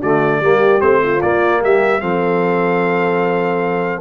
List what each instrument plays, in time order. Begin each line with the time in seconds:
0.00 tuba D3, trombone A3, horn F#4, trumpet D5
0.41 tuba G3, trombone A#3, horn G4
0.80 tuba A3, trombone C4, trumpet C5
1.03 horn F4
1.22 trombone A#3, tuba A#3, trumpet D5
1.61 tuba G3, horn G4, trumpet E5
2.01 tuba F3, trombone C4, horn A4, trumpet F5